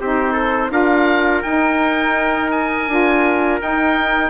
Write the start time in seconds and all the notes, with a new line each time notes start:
0.00 C4 D#4 G4 C5
0.33 A4
0.70 D4 F4 A#4 F5
1.42 D#4 G5
2.51 G#5
2.88 D4 F4
3.60 D#4 G5